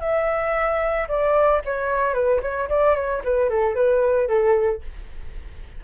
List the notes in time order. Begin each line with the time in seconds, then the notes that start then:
0.00 E5
1.08 D5
1.65 C#5
2.14 B4
2.42 C#5
2.69 D5
2.95 C#5
3.24 B4
3.49 A4
3.75 B4
4.27 A4